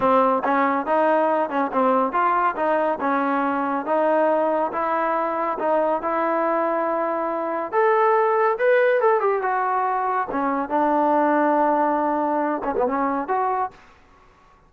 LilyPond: \new Staff \with { instrumentName = "trombone" } { \time 4/4 \tempo 4 = 140 c'4 cis'4 dis'4. cis'8 | c'4 f'4 dis'4 cis'4~ | cis'4 dis'2 e'4~ | e'4 dis'4 e'2~ |
e'2 a'2 | b'4 a'8 g'8 fis'2 | cis'4 d'2.~ | d'4. cis'16 b16 cis'4 fis'4 | }